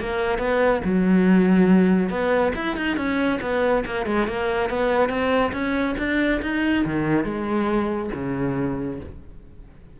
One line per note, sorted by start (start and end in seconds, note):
0.00 0.39 A#3
0.39 0.81 B3
0.85 2.10 F#3
2.10 2.52 B3
2.55 2.77 E4
2.77 2.97 D#4
2.97 3.40 C#4
3.41 3.84 B3
3.86 4.06 A#3
4.06 4.27 G#3
4.27 4.69 A#3
4.69 5.09 B3
5.09 5.52 C4
5.52 5.95 C#4
5.98 6.41 D4
6.42 6.85 D#4
6.85 7.24 D#3
7.24 8.10 G#3
8.14 9.00 C#3